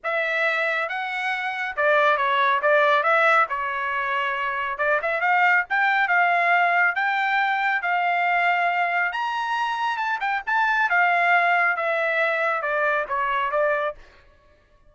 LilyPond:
\new Staff \with { instrumentName = "trumpet" } { \time 4/4 \tempo 4 = 138 e''2 fis''2 | d''4 cis''4 d''4 e''4 | cis''2. d''8 e''8 | f''4 g''4 f''2 |
g''2 f''2~ | f''4 ais''2 a''8 g''8 | a''4 f''2 e''4~ | e''4 d''4 cis''4 d''4 | }